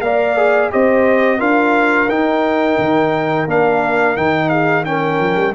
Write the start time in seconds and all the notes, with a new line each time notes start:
0.00 A#3 A#4 D5 F5
0.36 G#4
0.70 C4 G4 C5 D#5
1.38 D4 F4 A#4 F5
2.08 D#4 G5
2.78 D#3
3.46 A#3 D4 F5
4.16 D#3 D#4 G5
4.49 G#4 F5
4.84 C#4 A#4 G5
5.19 F3
5.36 G3